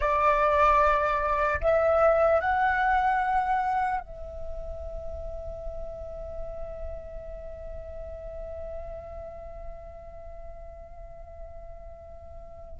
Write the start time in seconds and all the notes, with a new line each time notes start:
0.00 D5
1.60 E5
2.40 F#5
4.00 E5